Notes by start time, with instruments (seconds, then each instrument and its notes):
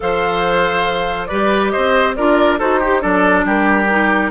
0.00 bassoon F3, clarinet A4, oboe C5, flute F5
1.26 bassoon G3, clarinet G4, oboe B4, flute D5
1.70 oboe C5, flute D#5
1.76 bassoon C4
2.15 bassoon D4, clarinet F4, oboe A#4, flute D5
2.58 bassoon D#4, clarinet F#4, oboe A4, flute C5
2.79 oboe G4, clarinet G4
3.01 bassoon F#3, clarinet D4, oboe A4, flute D5
3.45 bassoon G3, oboe G4, flute A#4
3.90 clarinet D#4